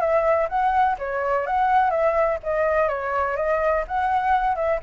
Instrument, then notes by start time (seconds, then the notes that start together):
flute
0.00 E5
0.49 F#5
0.98 C#5
1.46 F#5
1.90 E5
2.43 D#5
2.88 C#5
3.36 D#5
3.87 F#5
4.55 E5